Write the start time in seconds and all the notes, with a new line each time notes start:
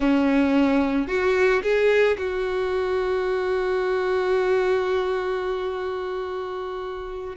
0.00 C#4
1.07 F#4
1.62 G#4
2.17 F#4